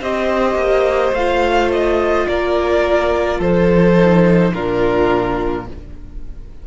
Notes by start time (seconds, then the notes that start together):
0.00 C4 G4 C5 D#5
0.55 A#3
1.12 A3 F4 F5
1.72 D#5
2.27 A#3 A#4 D5
3.38 F3 A4 C5
3.97 D#4
4.53 A#2 D4 F4 A#4